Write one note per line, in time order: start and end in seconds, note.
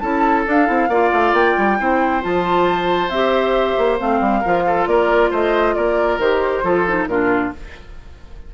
0.00 0.46 C#4
0.00 0.46 E4
0.00 0.90 A4
0.00 0.44 A5
0.46 0.66 D4
0.46 0.69 D4
0.46 1.35 F5
0.66 0.89 C4
0.66 0.89 E4
0.89 1.11 A#3
0.89 1.79 F4
0.89 1.78 D5
1.13 1.33 A3
1.33 1.55 A#3
1.33 2.23 G5
1.58 1.80 G3
1.79 2.24 C4
1.79 2.22 E4
1.79 4.41 C5
2.22 3.09 F3
2.22 3.10 F4
2.22 3.09 A5
3.09 3.76 C4
3.09 3.99 G4
3.09 3.98 E5
3.78 4.01 A#3
3.99 4.21 A3
3.99 4.43 C4
3.99 4.88 F5
4.21 4.43 G3
4.41 4.87 F3
4.41 6.22 F4
4.41 4.63 A#4
4.67 4.89 A4
4.87 5.31 A#3
4.87 5.31 A#4
4.87 5.32 D5
5.31 5.76 A3
5.31 5.75 C5
5.31 5.75 D#5
5.75 6.19 A#3
5.75 6.64 A#4
5.75 6.19 D5
6.19 6.63 D#3
6.19 6.64 G4
6.19 7.07 C5
6.64 7.08 F3
6.64 6.86 F4
6.64 7.08 A4
6.87 7.10 D#4
7.07 7.52 A#2
7.07 7.54 D4
7.07 7.54 F4
7.07 7.51 A#4